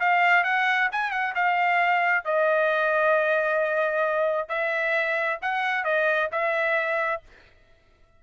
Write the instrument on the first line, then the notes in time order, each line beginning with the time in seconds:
trumpet
0.00 F5
0.44 F#5
0.92 G#5
1.11 F#5
1.35 F5
2.25 D#5
4.49 E5
5.42 F#5
5.84 D#5
6.32 E5